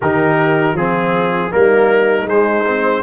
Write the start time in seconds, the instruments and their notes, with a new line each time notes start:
0.01 tuba D#3, trombone D#4, horn G4, trumpet A#4
0.73 tuba F3, trombone C4, horn F4, trumpet G#4
1.50 tuba G3, trombone A#3, horn D#4, trumpet A#4
2.25 tuba G#3, trombone G#3, trumpet C5
2.65 trombone C4